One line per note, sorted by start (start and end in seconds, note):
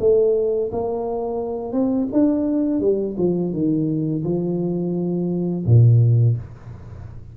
0.00 0.71 A3
0.73 1.73 A#3
1.73 2.08 C4
2.13 2.81 D4
2.81 3.16 G3
3.18 3.53 F3
3.53 4.24 D#3
4.24 5.65 F3
5.67 6.37 A#2